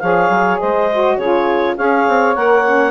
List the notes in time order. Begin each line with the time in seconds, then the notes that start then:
0.00 F3 G#4 C#5 F5
0.30 F#3
0.60 G#3 C5 D#5
0.93 F#4
1.16 C#3 F4 G#4 C#5
1.77 C#4 G#4 C#5 F5
2.08 C4
2.36 A#3 A#4 F#5
2.66 C#4